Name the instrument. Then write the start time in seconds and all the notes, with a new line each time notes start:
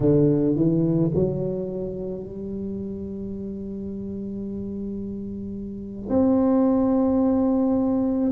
tuba
0.00 D3
0.55 E3
1.14 F#3
2.23 G3
6.09 C4